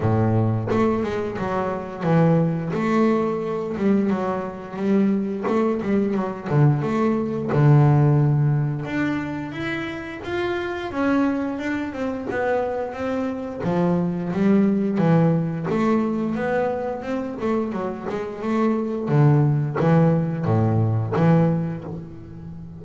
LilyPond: \new Staff \with { instrumentName = "double bass" } { \time 4/4 \tempo 4 = 88 a,4 a8 gis8 fis4 e4 | a4. g8 fis4 g4 | a8 g8 fis8 d8 a4 d4~ | d4 d'4 e'4 f'4 |
cis'4 d'8 c'8 b4 c'4 | f4 g4 e4 a4 | b4 c'8 a8 fis8 gis8 a4 | d4 e4 a,4 e4 | }